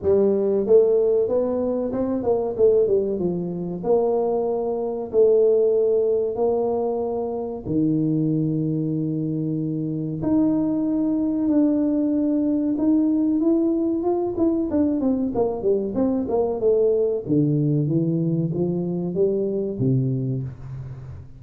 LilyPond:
\new Staff \with { instrumentName = "tuba" } { \time 4/4 \tempo 4 = 94 g4 a4 b4 c'8 ais8 | a8 g8 f4 ais2 | a2 ais2 | dis1 |
dis'2 d'2 | dis'4 e'4 f'8 e'8 d'8 c'8 | ais8 g8 c'8 ais8 a4 d4 | e4 f4 g4 c4 | }